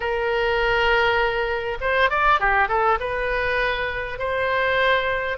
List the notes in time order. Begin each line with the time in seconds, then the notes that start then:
0.00 A#4
1.81 C5
2.09 D5
2.40 G4
2.68 A4
3.00 B4
4.18 C5